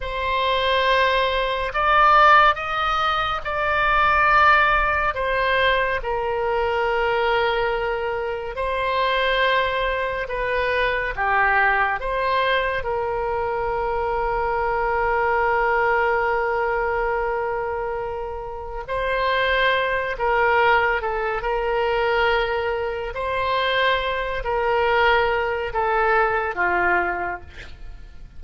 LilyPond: \new Staff \with { instrumentName = "oboe" } { \time 4/4 \tempo 4 = 70 c''2 d''4 dis''4 | d''2 c''4 ais'4~ | ais'2 c''2 | b'4 g'4 c''4 ais'4~ |
ais'1~ | ais'2 c''4. ais'8~ | ais'8 a'8 ais'2 c''4~ | c''8 ais'4. a'4 f'4 | }